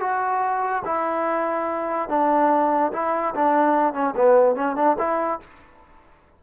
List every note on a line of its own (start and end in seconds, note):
0.00 0.83 F#4
0.85 2.09 E4
2.09 2.92 D4
2.93 3.34 E4
3.35 3.94 D4
3.94 4.14 C#4
4.16 4.56 B3
4.56 4.76 C#4
4.76 4.97 D4
4.99 5.40 E4